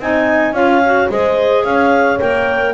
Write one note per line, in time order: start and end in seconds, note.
0.00 0.53 C4
0.00 0.54 D#4
0.00 0.55 D#5
0.00 0.55 G#5
0.53 1.08 C#4
0.53 0.82 F4
0.53 1.10 C#5
0.53 1.10 F5
0.85 1.11 F#4
1.10 1.65 G#3
1.10 2.20 G#4
1.10 1.65 C5
1.10 1.64 D#5
1.64 2.20 C#4
1.64 2.74 C#5
1.64 2.19 F5
2.20 2.74 A#3
2.20 2.74 A#4
2.20 2.74 G5